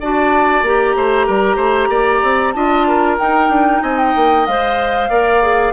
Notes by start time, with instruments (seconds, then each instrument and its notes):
0.00 bassoon D4, clarinet F#4, oboe D5, flute A5
0.62 bassoon A#3, clarinet G4, flute A#5
0.96 bassoon A3, oboe C5
1.26 bassoon G3, oboe A#4
1.56 bassoon A3, oboe C5
1.88 bassoon A#3, oboe D5
2.23 bassoon C4
2.52 bassoon D4, clarinet F4, oboe D#5, flute A5
2.87 oboe A#4
3.18 bassoon D#4, clarinet D#4, flute G5
3.49 bassoon D4
3.82 bassoon C4, oboe D#5, flute G#5
3.98 flute G5
4.15 bassoon A#3
4.46 bassoon G#3, clarinet C5, flute F5
5.09 bassoon A#3, clarinet A#4, oboe D5
5.42 clarinet G#4